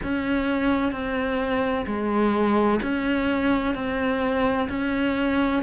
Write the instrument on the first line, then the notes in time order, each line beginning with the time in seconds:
cello
0.03 C#4
0.92 C4
1.86 G#3
2.82 C#4
3.75 C4
4.69 C#4